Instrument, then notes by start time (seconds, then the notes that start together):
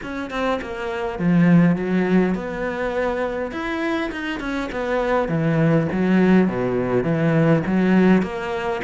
cello
0.02 C#4
0.30 C4
0.61 A#3
1.18 F3
1.75 F#3
2.34 B3
3.51 E4
4.11 D#4
4.40 C#4
4.71 B3
5.28 E3
5.91 F#3
6.48 B2
7.03 E3
7.66 F#3
8.22 A#3